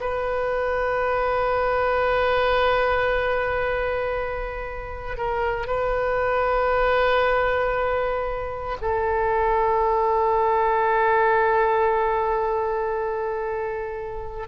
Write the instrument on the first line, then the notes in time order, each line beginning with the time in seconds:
oboe
0.00 B4
5.17 A#4
5.67 B4
8.81 A4